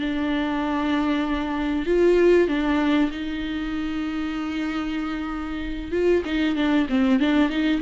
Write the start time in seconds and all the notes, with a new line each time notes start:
0.00 D4
1.86 F4
2.48 D4
3.11 D#4
5.91 F4
6.25 D#4
6.56 D4
6.89 C4
7.20 D4
7.50 D#4